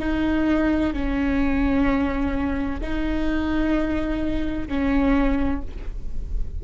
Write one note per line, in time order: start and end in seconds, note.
0.00 0.94 D#4
0.94 2.81 C#4
2.82 4.69 D#4
4.69 5.62 C#4